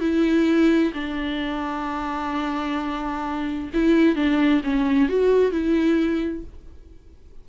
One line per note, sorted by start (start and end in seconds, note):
0.00 0.92 E4
0.94 3.70 D4
3.74 4.16 E4
4.16 4.62 D4
4.64 5.09 C#4
5.09 5.52 F#4
5.52 6.44 E4